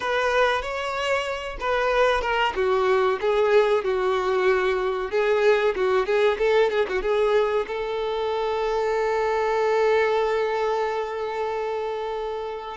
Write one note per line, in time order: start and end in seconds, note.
0.00 0.62 B4
0.62 1.57 C#5
1.60 2.21 B4
2.21 2.53 A#4
2.55 3.19 F#4
3.20 3.84 G#4
3.84 5.11 F#4
5.11 5.74 G#4
5.75 6.06 F#4
6.06 6.37 G#4
6.38 6.70 A4
6.70 6.86 G#4
6.88 7.02 F#4
7.02 7.65 G#4
7.67 12.77 A4